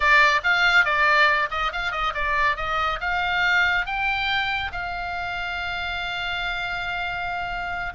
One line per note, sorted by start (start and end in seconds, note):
0.00 0.41 D5
0.43 0.84 F5
0.84 1.49 D5
1.50 1.72 D#5
1.72 1.91 F5
1.91 2.13 D#5
2.14 2.56 D5
2.56 2.99 D#5
3.00 3.86 F5
3.86 4.71 G5
4.71 7.93 F5